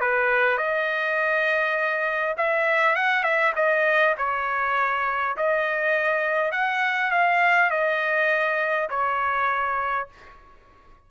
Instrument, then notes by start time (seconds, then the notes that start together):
trumpet
0.00 B4
0.57 D#5
2.37 E5
2.95 F#5
3.23 E5
3.55 D#5
4.17 C#5
5.37 D#5
6.51 F#5
7.11 F5
7.70 D#5
8.89 C#5